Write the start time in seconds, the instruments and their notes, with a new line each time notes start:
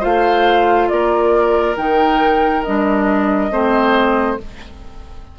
0.00 bassoon A3, clarinet F4, oboe C5, flute F5
0.89 bassoon A#3, oboe A#4, flute D5
1.76 bassoon D#3, clarinet D#4, flute G5
2.64 bassoon G3, clarinet D4, flute D#5
3.51 bassoon A3, clarinet C4, oboe C5